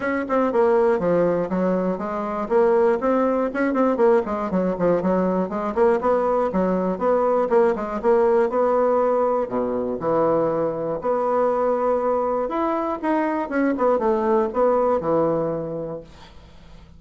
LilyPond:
\new Staff \with { instrumentName = "bassoon" } { \time 4/4 \tempo 4 = 120 cis'8 c'8 ais4 f4 fis4 | gis4 ais4 c'4 cis'8 c'8 | ais8 gis8 fis8 f8 fis4 gis8 ais8 | b4 fis4 b4 ais8 gis8 |
ais4 b2 b,4 | e2 b2~ | b4 e'4 dis'4 cis'8 b8 | a4 b4 e2 | }